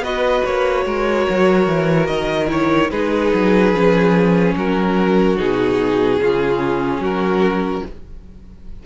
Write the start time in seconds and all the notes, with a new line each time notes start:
0.00 B3 F#4 B4 D#5
0.45 A#3 C#5
0.86 G#3 A#4
1.30 F#3
1.68 E3
2.07 D#3 D#5
2.47 E4 C#5
2.91 G#3 D#4 G#4 B4
3.34 F#3
3.73 F3 C#4
4.56 F#3 F#4 A#4
5.37 B2 D#4 G#4
6.20 C#3 C#4 F4
7.00 F#3 F#4 A#4